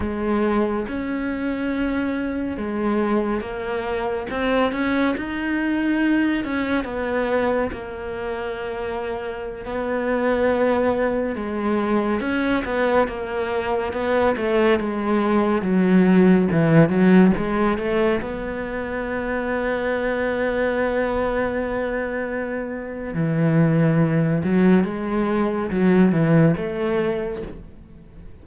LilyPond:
\new Staff \with { instrumentName = "cello" } { \time 4/4 \tempo 4 = 70 gis4 cis'2 gis4 | ais4 c'8 cis'8 dis'4. cis'8 | b4 ais2~ ais16 b8.~ | b4~ b16 gis4 cis'8 b8 ais8.~ |
ais16 b8 a8 gis4 fis4 e8 fis16~ | fis16 gis8 a8 b2~ b8.~ | b2. e4~ | e8 fis8 gis4 fis8 e8 a4 | }